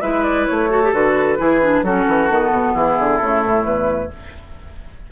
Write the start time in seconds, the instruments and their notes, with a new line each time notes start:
0.00 bassoon G#3, clarinet E4, oboe B4, flute E5
0.23 flute D5
0.46 bassoon A3, flute C#5
0.70 clarinet F#4, oboe A4
0.83 clarinet G4
0.92 bassoon D3, clarinet F#4, flute B4
1.37 bassoon E3, clarinet E4, oboe G#4
1.62 clarinet D4
1.82 bassoon F#3, clarinet C#4, oboe F#4, flute A4
2.07 bassoon E3
2.29 bassoon D#3, clarinet B3
2.51 bassoon B2
2.73 bassoon E3, oboe E4, flute G#4
2.98 bassoon D3
3.17 bassoon C#3, clarinet A3, flute A4
3.43 bassoon A2
3.64 bassoon E2, flute B4